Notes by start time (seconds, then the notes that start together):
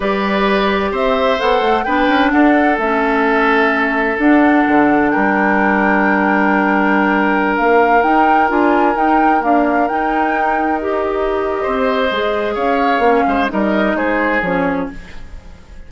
0.00 G3 G4 B4 D5
0.91 C4 C5 E5
1.39 B3 A4 F#5
1.60 A3
1.83 B3 D4 B4 G5
2.08 C#4
2.30 D4 A4 F#5
2.78 A3 C#4 E5
4.17 D4 F#5
4.67 D3
5.10 G3 A#4 G5
7.56 A#3 F5
8.02 D#4 G5
8.48 D4 F4 G#5
8.93 D#4 G5
9.40 A#3 D4 F5
9.87 D#4 G5
10.80 G4 D#5
11.62 C4 C5
12.11 G#3 G#4
12.54 C#4 C#5 F5
12.98 A#3 C#4
13.26 G#3 C5
13.48 G3 D#4 A#4 D#5
13.94 G#3 G#4 C5
14.41 F3 C#4 C#5